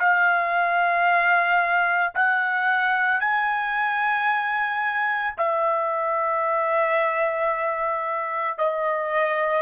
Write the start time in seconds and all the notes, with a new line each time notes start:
0.00 F5
2.15 F#5
3.20 G#5
5.38 E5
8.59 D#5